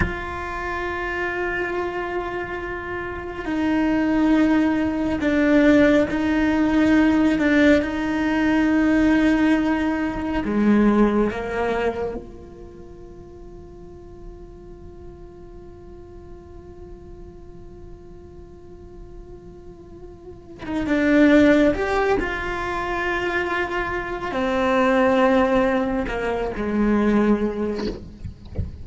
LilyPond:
\new Staff \with { instrumentName = "cello" } { \time 4/4 \tempo 4 = 69 f'1 | dis'2 d'4 dis'4~ | dis'8 d'8 dis'2. | gis4 ais4 f'2~ |
f'1~ | f'2.~ f'8. dis'16 | d'4 g'8 f'2~ f'8 | c'2 ais8 gis4. | }